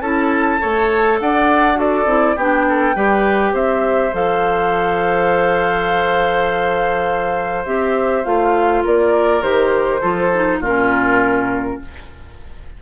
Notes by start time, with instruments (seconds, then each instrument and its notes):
0.00 bassoon C#4, clarinet E4, oboe A4, flute A5
0.60 bassoon A3, clarinet A4, oboe C#5
1.21 bassoon D4, oboe D5, flute F#5
1.76 clarinet F#4, oboe A4, flute D5
2.06 bassoon C4, clarinet E4
2.36 bassoon B3, clarinet D4, oboe G4, flute G5
2.69 oboe A4
2.95 bassoon G3, clarinet G4, oboe B4
3.53 bassoon C4, oboe C5, flute E5
4.13 bassoon F3, clarinet A4, flute F5
7.66 bassoon C4, clarinet G4, flute E5
8.24 bassoon A3, clarinet F4, flute F5
8.84 bassoon A#3, oboe A#4, flute D5
9.42 bassoon D#3, clarinet G4, flute C5
10.01 bassoon F3, clarinet F4, oboe A4
10.34 clarinet D#4
10.60 bassoon A#2, clarinet C#4, oboe F4, flute A#4